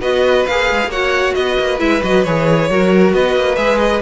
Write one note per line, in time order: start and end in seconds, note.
0.00 0.45 B3
0.00 0.46 F#4
0.00 0.89 B4
0.00 0.46 D#5
0.46 0.70 A#3
0.46 0.91 G#4
0.46 0.90 F5
0.70 0.86 G#3
0.86 1.31 A#3
0.86 1.78 F#4
0.86 1.34 C#5
0.86 1.34 F#5
1.34 1.57 B3
1.34 2.70 B4
1.34 1.78 D#5
1.59 1.80 A#3
1.78 2.02 G#3
1.78 2.00 E4
1.78 2.02 E5
2.01 2.25 F#3
2.01 2.24 F#4
2.01 2.23 D#5
2.23 2.69 E3
2.23 2.69 G#4
2.23 3.12 C#5
2.69 3.13 F#3
2.69 3.56 F#4
2.69 3.14 A#4
3.13 3.35 B3
3.13 4.02 B4
3.13 3.56 D#5
3.35 3.57 A#3
3.56 4.01 G#3
3.56 4.00 G#4
3.56 3.78 E5
3.78 4.00 D#5